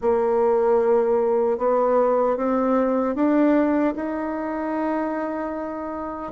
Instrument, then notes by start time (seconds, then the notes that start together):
bassoon
0.01 A#3
1.58 B3
2.36 C4
3.15 D4
3.95 D#4